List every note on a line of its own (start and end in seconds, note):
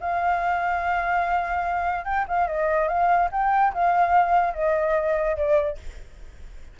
0.00 2.04 F5
2.04 2.25 G5
2.28 2.47 F5
2.47 2.88 D#5
2.88 3.29 F5
3.31 3.73 G5
3.73 4.53 F5
4.53 5.36 D#5
5.36 5.77 D5